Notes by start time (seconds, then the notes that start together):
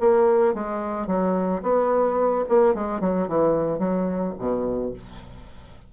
0.00 A#3
0.54 G#3
1.07 F#3
1.62 B3
2.49 A#3
2.74 G#3
3.01 F#3
3.28 E3
3.79 F#3
4.38 B2